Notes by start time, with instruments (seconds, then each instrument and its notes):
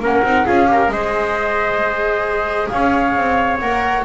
0.00 double bass A#3, viola C#4, trumpet A#4, flute F#5
0.23 double bass C4, viola D#4
0.45 double bass C#4, viola F4, trumpet G#4, flute F5
0.66 viola G4, trumpet A#4
0.88 double bass G#3, viola G#4, trumpet C5, flute D#5
2.68 double bass C#4, trumpet C#5, flute F5
3.17 double bass C4
3.60 double bass A#3, viola A#4, flute F#5